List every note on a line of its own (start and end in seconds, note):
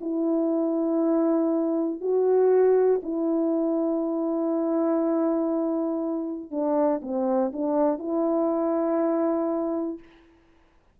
0.00 2.00 E4
2.00 3.00 F#4
3.02 6.50 E4
6.50 7.00 D4
7.02 7.52 C4
7.53 7.98 D4
7.98 9.98 E4